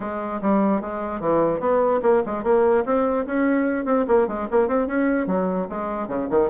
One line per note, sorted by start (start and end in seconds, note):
0.00 0.41 G#3
0.41 0.81 G3
0.81 1.20 G#3
1.20 1.59 E3
1.59 2.00 B3
2.02 2.22 A#3
2.26 2.43 G#3
2.43 2.84 A#3
2.85 3.25 C4
3.26 3.85 C#4
3.85 4.05 C4
4.07 4.27 A#3
4.27 4.48 G#3
4.50 4.68 A#3
4.68 4.87 C4
4.87 5.26 C#4
5.26 5.67 F#3
5.69 6.08 G#3
6.08 6.28 C#3
6.29 6.50 D#3